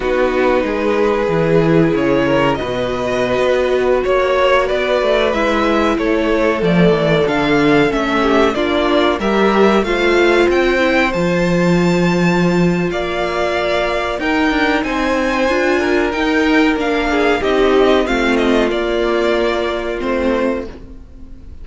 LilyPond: <<
  \new Staff \with { instrumentName = "violin" } { \time 4/4 \tempo 4 = 93 b'2. cis''4 | dis''2~ dis''16 cis''4 d''8.~ | d''16 e''4 cis''4 d''4 f''8.~ | f''16 e''4 d''4 e''4 f''8.~ |
f''16 g''4 a''2~ a''8. | f''2 g''4 gis''4~ | gis''4 g''4 f''4 dis''4 | f''8 dis''8 d''2 c''4 | }
  \new Staff \with { instrumentName = "violin" } { \time 4/4 fis'4 gis'2~ gis'8 ais'8 | b'2~ b'16 cis''4 b'8.~ | b'4~ b'16 a'2~ a'8.~ | a'8. g'8 f'4 ais'4 c''8.~ |
c''1 | d''2 ais'4 c''4~ | c''8 ais'2 gis'8 g'4 | f'1 | }
  \new Staff \with { instrumentName = "viola" } { \time 4/4 dis'2 e'2 | fis'1~ | fis'16 e'2 a4 d'8.~ | d'16 cis'4 d'4 g'4 f'8.~ |
f'8. e'8 f'2~ f'8.~ | f'2 dis'2 | f'4 dis'4 d'4 dis'4 | c'4 ais2 c'4 | }
  \new Staff \with { instrumentName = "cello" } { \time 4/4 b4 gis4 e4 cis4 | b,4~ b,16 b4 ais4 b8 a16~ | a16 gis4 a4 f8 e8 d8.~ | d16 a4 ais4 g4 a8.~ |
a16 c'4 f2~ f8. | ais2 dis'8 d'8 c'4 | d'4 dis'4 ais4 c'4 | a4 ais2 a4 | }
>>